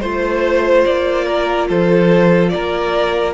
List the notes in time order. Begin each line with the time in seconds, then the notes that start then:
0.00 A3 F4 C5
0.85 A#3 D5
1.26 A#4
1.68 F3 A4 C5
2.49 A#3 A#4 D5